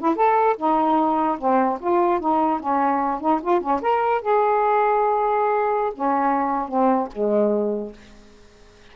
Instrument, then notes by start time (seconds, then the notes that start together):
saxophone
0.00 E4
0.16 A4
0.58 D#4
1.39 C4
1.81 F4
2.21 D#4
2.60 C#4
3.21 D#4
3.42 F4
3.61 C#4
3.82 A#4
4.22 G#4
5.95 C#4
6.69 C4
7.13 G#3